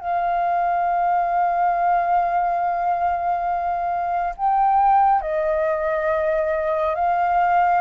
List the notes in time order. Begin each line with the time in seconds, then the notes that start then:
0.00 F5
4.37 G5
5.22 D#5
6.95 F5